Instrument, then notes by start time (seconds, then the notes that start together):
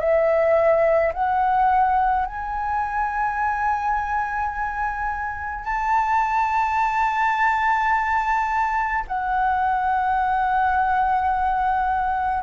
flute
0.00 E5
1.14 F#5
2.26 G#5
5.65 A5
9.08 F#5